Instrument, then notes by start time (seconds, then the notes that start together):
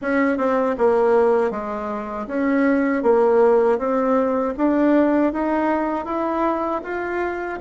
bassoon
0.01 C#4
0.37 C4
0.78 A#3
1.50 G#3
2.27 C#4
3.02 A#3
3.78 C4
4.57 D4
5.32 D#4
6.05 E4
6.84 F4